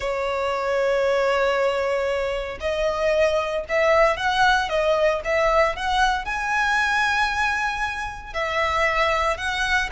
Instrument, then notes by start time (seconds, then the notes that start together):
violin
0.00 C#5
2.60 D#5
3.68 E5
4.16 F#5
4.69 D#5
5.24 E5
5.76 F#5
6.25 G#5
8.33 E5
9.37 F#5